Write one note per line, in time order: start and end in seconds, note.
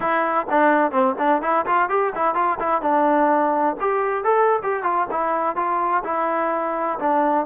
0.00 0.46 E4
0.50 0.91 D4
0.91 1.15 C4
1.18 1.42 D4
1.42 1.65 E4
1.66 1.89 F4
1.89 2.12 G4
2.15 2.35 E4
2.35 2.58 F4
2.59 2.81 E4
2.81 3.76 D4
3.80 4.24 G4
4.24 4.59 A4
4.62 4.83 G4
4.83 5.06 F4
5.10 5.56 E4
5.56 6.03 F4
6.04 6.98 E4
6.99 7.46 D4